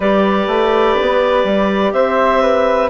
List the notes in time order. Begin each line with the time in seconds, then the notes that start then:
0.00 G3 G4 B4 D5
0.47 A3
1.01 B3
1.44 G3
1.92 C4 C5 E5
2.41 B4